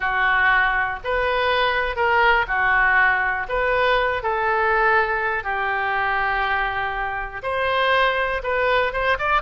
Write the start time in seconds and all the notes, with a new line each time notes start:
0.00 F#4
1.04 B4
1.96 A#4
2.47 F#4
3.48 B4
4.23 A4
5.43 G4
7.42 C5
8.43 B4
8.92 C5
9.19 D5